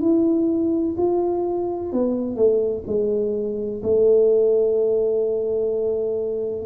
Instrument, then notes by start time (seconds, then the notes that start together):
tuba
0.00 E4
0.97 F4
1.92 B3
2.35 A3
2.87 G#3
3.82 A3